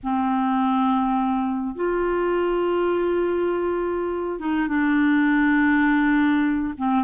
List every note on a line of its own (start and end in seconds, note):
0.03 1.75 C4
1.75 4.39 F4
4.39 4.67 D#4
4.67 6.74 D4
6.77 7.04 C4